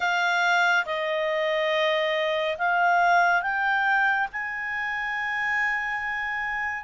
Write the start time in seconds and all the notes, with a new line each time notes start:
0.00 F5
0.85 D#5
2.58 F5
3.42 G5
4.32 G#5